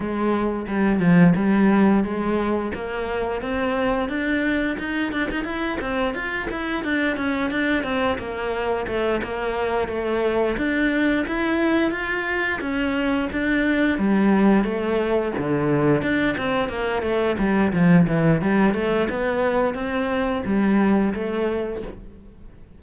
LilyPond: \new Staff \with { instrumentName = "cello" } { \time 4/4 \tempo 4 = 88 gis4 g8 f8 g4 gis4 | ais4 c'4 d'4 dis'8 d'16 dis'16 | e'8 c'8 f'8 e'8 d'8 cis'8 d'8 c'8 | ais4 a8 ais4 a4 d'8~ |
d'8 e'4 f'4 cis'4 d'8~ | d'8 g4 a4 d4 d'8 | c'8 ais8 a8 g8 f8 e8 g8 a8 | b4 c'4 g4 a4 | }